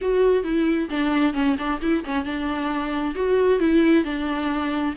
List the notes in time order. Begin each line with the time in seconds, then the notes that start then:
0.01 F#4
0.43 E4
0.90 D4
1.33 C#4
1.57 D4
1.81 E4
2.04 C#4
2.24 D4
3.15 F#4
3.59 E4
4.04 D4